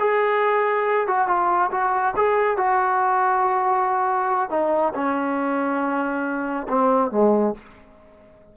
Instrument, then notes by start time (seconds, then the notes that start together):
trombone
0.00 G#4
1.08 F#4
1.28 F4
1.71 F#4
2.17 G#4
2.58 F#4
4.50 D#4
4.95 C#4
6.69 C4
7.11 G#3